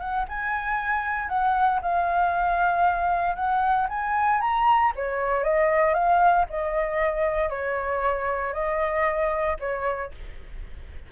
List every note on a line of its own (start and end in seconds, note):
0.00 0.26 F#5
0.29 1.29 G#5
1.29 1.80 F#5
1.82 3.36 F5
3.36 3.88 F#5
3.89 4.41 G#5
4.41 4.93 A#5
4.96 5.44 C#5
5.44 5.94 D#5
5.94 6.46 F5
6.50 7.50 D#5
7.50 8.53 C#5
8.54 9.57 D#5
9.60 10.12 C#5